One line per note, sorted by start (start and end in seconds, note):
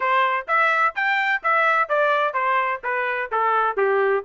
0.00 0.47 C5
0.47 0.94 E5
0.95 1.42 G5
1.43 1.89 E5
1.89 2.33 D5
2.33 2.81 C5
2.83 3.30 B4
3.31 3.76 A4
3.76 4.23 G4